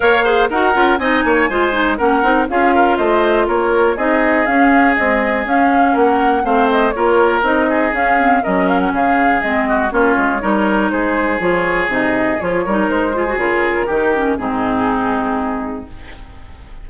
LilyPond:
<<
  \new Staff \with { instrumentName = "flute" } { \time 4/4 \tempo 4 = 121 f''4 fis''4 gis''2 | fis''4 f''4 dis''4 cis''4 | dis''4 f''4 dis''4 f''4 | fis''4 f''8 dis''8 cis''4 dis''4 |
f''4 dis''8 f''16 fis''16 f''4 dis''4 | cis''2 c''4 cis''4 | dis''4 cis''4 c''4 ais'4~ | ais'4 gis'2. | }
  \new Staff \with { instrumentName = "oboe" } { \time 4/4 cis''8 c''8 ais'4 dis''8 cis''8 c''4 | ais'4 gis'8 ais'8 c''4 ais'4 | gis'1 | ais'4 c''4 ais'4. gis'8~ |
gis'4 ais'4 gis'4. fis'8 | f'4 ais'4 gis'2~ | gis'4. ais'4 gis'4. | g'4 dis'2. | }
  \new Staff \with { instrumentName = "clarinet" } { \time 4/4 ais'8 gis'8 fis'8 f'8 dis'4 f'8 dis'8 | cis'8 dis'8 f'2. | dis'4 cis'4 gis4 cis'4~ | cis'4 c'4 f'4 dis'4 |
cis'8 c'8 cis'2 c'4 | cis'4 dis'2 f'4 | dis'4 f'8 dis'4 f'16 fis'16 f'4 | dis'8 cis'8 c'2. | }
  \new Staff \with { instrumentName = "bassoon" } { \time 4/4 ais4 dis'8 cis'8 c'8 ais8 gis4 | ais8 c'8 cis'4 a4 ais4 | c'4 cis'4 c'4 cis'4 | ais4 a4 ais4 c'4 |
cis'4 fis4 cis4 gis4 | ais8 gis8 g4 gis4 f4 | c4 f8 g8 gis4 cis4 | dis4 gis,2. | }
>>